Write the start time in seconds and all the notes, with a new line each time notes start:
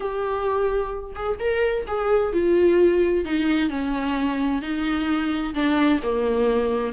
0.00 G4
1.15 G#4
1.39 A#4
1.87 G#4
2.32 F4
3.24 D#4
3.69 C#4
4.62 D#4
5.54 D4
6.02 A#3